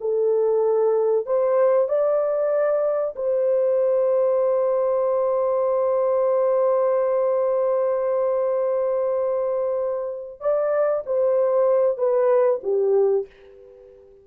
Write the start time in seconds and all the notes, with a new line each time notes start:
0.00 A4
1.26 C5
1.88 D5
3.15 C5
10.40 D5
11.06 C5
11.97 B4
12.63 G4